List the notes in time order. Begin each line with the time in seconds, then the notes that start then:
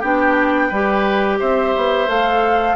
0.00 B3 D4 G4 G5
0.69 G3 G4 B4
1.40 C4 C5 E5
1.76 B3
2.08 A3 A4 F5